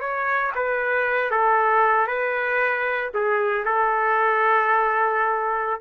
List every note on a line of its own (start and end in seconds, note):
0.00 0.52 C#5
0.55 1.30 B4
1.30 2.07 A4
2.07 3.11 B4
3.14 3.65 G#4
3.65 5.81 A4